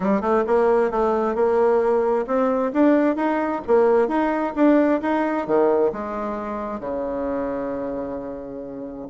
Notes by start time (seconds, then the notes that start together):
0.00 G3
0.21 A3
0.46 A#3
0.90 A3
1.35 A#3
2.26 C4
2.73 D4
3.16 D#4
3.67 A#3
4.08 D#4
4.55 D4
5.01 D#4
5.46 D#3
5.92 G#3
6.80 C#3